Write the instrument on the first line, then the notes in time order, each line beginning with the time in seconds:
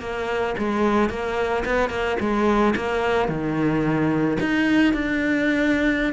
cello
0.00 A#3
0.58 G#3
1.09 A#3
1.65 B3
1.90 A#3
2.20 G#3
2.76 A#3
3.28 D#3
4.40 D#4
4.94 D4